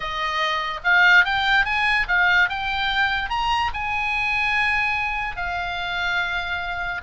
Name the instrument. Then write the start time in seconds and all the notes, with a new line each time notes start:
oboe
0.00 D#5
0.84 F5
1.25 G5
1.65 G#5
2.07 F5
2.49 G5
3.29 A#5
3.73 G#5
5.36 F5